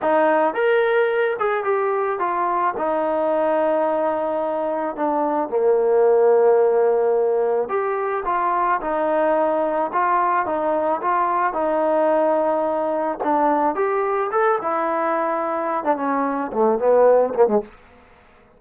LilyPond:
\new Staff \with { instrumentName = "trombone" } { \time 4/4 \tempo 4 = 109 dis'4 ais'4. gis'8 g'4 | f'4 dis'2.~ | dis'4 d'4 ais2~ | ais2 g'4 f'4 |
dis'2 f'4 dis'4 | f'4 dis'2. | d'4 g'4 a'8 e'4.~ | e'8. d'16 cis'4 a8 b4 ais16 gis16 | }